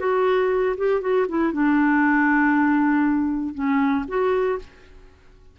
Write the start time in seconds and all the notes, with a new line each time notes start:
0.00 F#4
0.77 G4
1.01 F#4
1.28 E4
1.53 D4
3.54 C#4
4.08 F#4